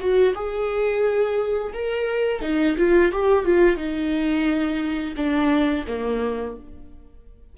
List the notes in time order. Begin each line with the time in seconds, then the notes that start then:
0.00 F#4
0.35 G#4
1.74 A#4
2.42 D#4
2.78 F4
3.13 G4
3.45 F4
3.77 D#4
5.17 D4
5.88 A#3